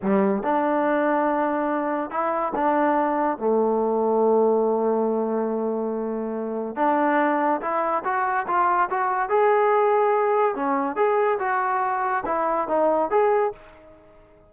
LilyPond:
\new Staff \with { instrumentName = "trombone" } { \time 4/4 \tempo 4 = 142 g4 d'2.~ | d'4 e'4 d'2 | a1~ | a1 |
d'2 e'4 fis'4 | f'4 fis'4 gis'2~ | gis'4 cis'4 gis'4 fis'4~ | fis'4 e'4 dis'4 gis'4 | }